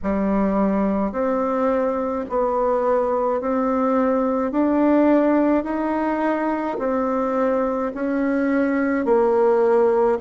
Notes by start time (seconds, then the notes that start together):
0.03 G3
1.12 C4
2.29 B3
3.40 C4
4.51 D4
5.63 D#4
6.78 C4
7.94 C#4
9.05 A#3